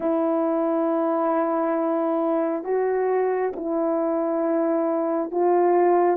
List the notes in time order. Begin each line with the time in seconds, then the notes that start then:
0.00 E4
2.64 F#4
3.55 E4
5.31 F4